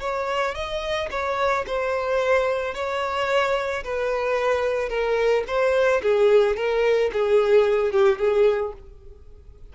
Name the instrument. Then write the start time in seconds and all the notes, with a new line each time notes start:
violin
0.00 C#5
0.55 D#5
1.11 C#5
1.67 C5
2.74 C#5
3.84 B4
4.89 A#4
5.47 C5
6.02 G#4
6.56 A#4
7.13 G#4
7.92 G4
8.18 G#4